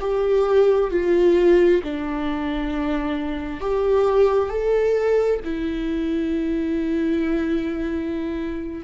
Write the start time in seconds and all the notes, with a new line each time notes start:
0.00 G4
0.90 F4
1.83 D4
3.60 G4
4.49 A4
5.44 E4